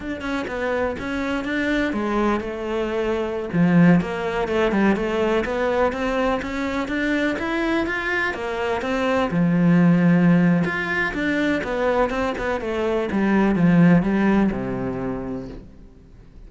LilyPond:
\new Staff \with { instrumentName = "cello" } { \time 4/4 \tempo 4 = 124 d'8 cis'8 b4 cis'4 d'4 | gis4 a2~ a16 f8.~ | f16 ais4 a8 g8 a4 b8.~ | b16 c'4 cis'4 d'4 e'8.~ |
e'16 f'4 ais4 c'4 f8.~ | f2 f'4 d'4 | b4 c'8 b8 a4 g4 | f4 g4 c2 | }